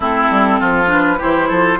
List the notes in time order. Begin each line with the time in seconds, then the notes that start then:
0.00 A3 C4 E4 A4
0.30 G3
0.59 F3 F4
0.86 D4 B4
1.18 E3 E4 G4 C5
1.48 F3 A4